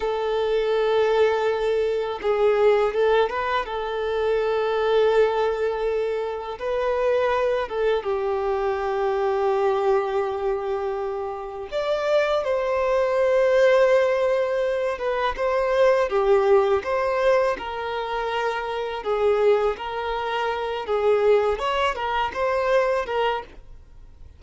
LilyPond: \new Staff \with { instrumentName = "violin" } { \time 4/4 \tempo 4 = 82 a'2. gis'4 | a'8 b'8 a'2.~ | a'4 b'4. a'8 g'4~ | g'1 |
d''4 c''2.~ | c''8 b'8 c''4 g'4 c''4 | ais'2 gis'4 ais'4~ | ais'8 gis'4 cis''8 ais'8 c''4 ais'8 | }